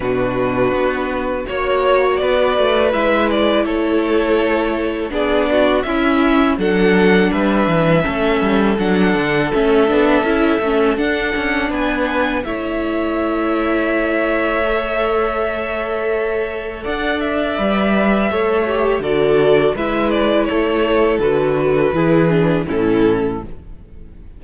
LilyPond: <<
  \new Staff \with { instrumentName = "violin" } { \time 4/4 \tempo 4 = 82 b'2 cis''4 d''4 | e''8 d''8 cis''2 d''4 | e''4 fis''4 e''2 | fis''4 e''2 fis''4 |
gis''4 e''2.~ | e''2. fis''8 e''8~ | e''2 d''4 e''8 d''8 | cis''4 b'2 a'4 | }
  \new Staff \with { instrumentName = "violin" } { \time 4/4 fis'2 cis''4 b'4~ | b'4 a'2 gis'8 fis'8 | e'4 a'4 b'4 a'4~ | a'1 |
b'4 cis''2.~ | cis''2. d''4~ | d''4 cis''4 a'4 b'4 | a'2 gis'4 e'4 | }
  \new Staff \with { instrumentName = "viola" } { \time 4/4 d'2 fis'2 | e'2. d'4 | cis'4 d'2 cis'4 | d'4 cis'8 d'8 e'8 cis'8 d'4~ |
d'4 e'2. | a'1 | b'4 a'8 g'8 fis'4 e'4~ | e'4 fis'4 e'8 d'8 cis'4 | }
  \new Staff \with { instrumentName = "cello" } { \time 4/4 b,4 b4 ais4 b8 a8 | gis4 a2 b4 | cis'4 fis4 g8 e8 a8 g8 | fis8 d8 a8 b8 cis'8 a8 d'8 cis'8 |
b4 a2.~ | a2. d'4 | g4 a4 d4 gis4 | a4 d4 e4 a,4 | }
>>